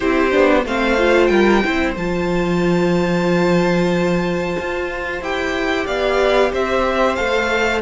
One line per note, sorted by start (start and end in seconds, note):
0.00 0.33 C4
0.00 0.30 E4
0.00 0.64 G4
0.00 0.65 C5
0.30 0.65 B3
0.30 0.63 D4
0.65 1.29 A3
0.65 0.97 C4
0.65 1.31 C5
0.65 1.26 F5
0.97 1.63 F4
1.26 1.62 G3
1.26 1.63 A#4
1.26 1.91 G5
1.63 1.95 C4
1.63 1.96 E4
1.63 5.85 C5
1.95 4.56 F3
1.95 5.23 F4
1.95 5.23 A5
4.59 5.21 F4
5.21 5.86 E4
5.21 7.17 G4
5.21 5.86 G5
5.85 6.52 B3
5.85 6.51 D5
5.85 6.52 F5
6.51 7.18 C4
6.51 7.81 C5
6.51 7.15 E5
7.15 7.81 A3
7.15 7.81 A4
7.15 7.81 F5